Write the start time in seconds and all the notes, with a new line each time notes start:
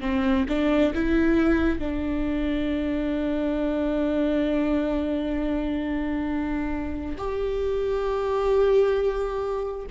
0.00 C4
0.48 D4
0.94 E4
1.79 D4
7.18 G4